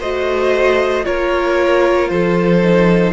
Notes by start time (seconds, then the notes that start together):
0.00 A3 F#4 C5 D#5
1.04 A#3 F4 A#4 C#5
2.09 F3 A4 C5
2.63 D#4